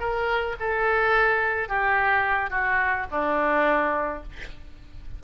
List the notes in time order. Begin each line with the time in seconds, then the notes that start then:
0.00 A#4
0.60 A4
1.68 G4
2.50 F#4
3.11 D4